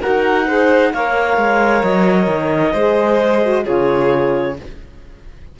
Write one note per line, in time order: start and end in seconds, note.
0.00 0.45 F#4
0.00 0.47 A#4
0.00 0.93 F#5
0.06 0.94 D#4
0.47 0.92 G#4
0.47 0.92 C5
0.93 1.37 A#3
0.93 2.76 A#4
0.93 2.73 C#5
0.93 1.83 F5
1.37 1.83 G#3
1.83 2.27 F#3
1.83 3.65 D#5
2.27 2.73 D#3
2.73 3.65 G#3
2.73 3.43 G#4
2.73 3.64 C5
3.43 3.64 F#4
3.64 4.59 C#3
3.64 4.55 F4
3.64 4.55 G#4
3.64 4.57 C#5